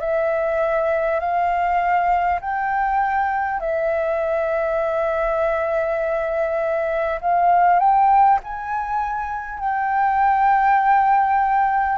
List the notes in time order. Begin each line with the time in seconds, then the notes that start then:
0.00 E5
1.20 F5
2.41 G5
3.60 E5
7.21 F5
7.79 G5
8.43 G#5
9.59 G5